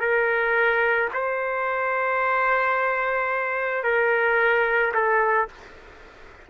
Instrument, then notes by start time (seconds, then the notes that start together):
trumpet
0.00 A#4
1.14 C5
3.84 A#4
4.94 A4